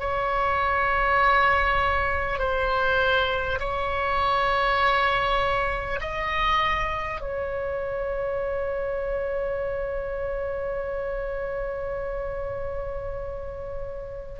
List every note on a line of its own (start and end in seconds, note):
0.00 2.39 C#5
2.39 3.59 C5
3.60 6.00 C#5
6.01 7.21 D#5
7.21 14.40 C#5